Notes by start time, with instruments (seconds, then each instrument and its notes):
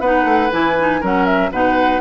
0.00 bassoon B3, clarinet D#4, oboe B4, flute F#5
0.24 bassoon A3
0.51 bassoon E3, clarinet E4, flute G#5
0.79 clarinet D#4
1.01 bassoon F#3, clarinet C#4, oboe A#4, flute F#5
1.26 flute E5
1.51 bassoon B2, clarinet D#4, oboe B4, flute F#5